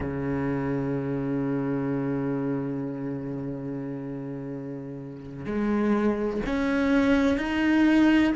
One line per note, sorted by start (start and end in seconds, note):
0.00 5.45 C#3
5.45 6.40 G#3
6.45 7.37 C#4
7.37 8.32 D#4